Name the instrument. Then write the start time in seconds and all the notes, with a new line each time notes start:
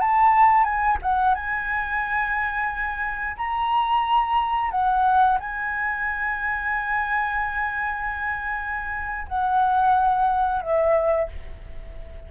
flute
0.00 A5
0.63 G#5
1.02 F#5
1.34 G#5
3.37 A#5
4.71 F#5
5.40 G#5
9.28 F#5
10.61 E5